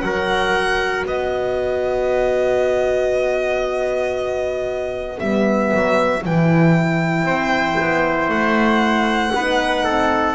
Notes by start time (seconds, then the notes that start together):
0.00 F#3 F#4 A#4 F#5
1.05 B3 B4 D#5
5.19 G3 B3 E5
5.74 F#3
6.25 E3 E4 G5
7.24 C4 C5
7.80 B3
8.28 A3 F#5
9.35 B3 D#4 B4
9.84 C4 A4